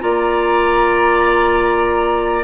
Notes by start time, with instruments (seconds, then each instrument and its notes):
0.00 bassoon A#3, clarinet F4, oboe D5, flute A#5